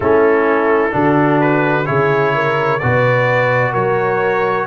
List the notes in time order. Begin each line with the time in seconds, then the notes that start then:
0.00 A3 C#4 E4 A4
0.90 D3 D4 F#4
1.40 B4
1.86 C#3 E4 G#4 C#5
2.34 A#4
2.79 B2 F#4 B4 D5
3.71 F#3 A#4 C#5